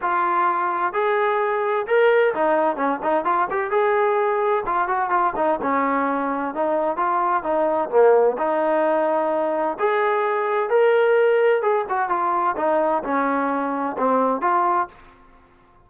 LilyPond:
\new Staff \with { instrumentName = "trombone" } { \time 4/4 \tempo 4 = 129 f'2 gis'2 | ais'4 dis'4 cis'8 dis'8 f'8 g'8 | gis'2 f'8 fis'8 f'8 dis'8 | cis'2 dis'4 f'4 |
dis'4 ais4 dis'2~ | dis'4 gis'2 ais'4~ | ais'4 gis'8 fis'8 f'4 dis'4 | cis'2 c'4 f'4 | }